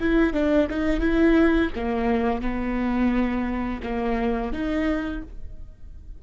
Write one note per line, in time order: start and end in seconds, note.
0.00 0.34 E4
0.34 0.68 D4
0.70 1.00 D#4
1.00 1.70 E4
1.75 2.42 A#3
2.42 3.81 B3
3.83 4.53 A#3
4.53 5.22 D#4